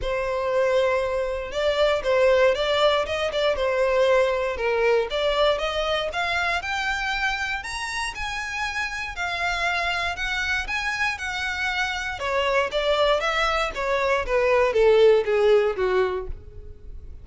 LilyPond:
\new Staff \with { instrumentName = "violin" } { \time 4/4 \tempo 4 = 118 c''2. d''4 | c''4 d''4 dis''8 d''8 c''4~ | c''4 ais'4 d''4 dis''4 | f''4 g''2 ais''4 |
gis''2 f''2 | fis''4 gis''4 fis''2 | cis''4 d''4 e''4 cis''4 | b'4 a'4 gis'4 fis'4 | }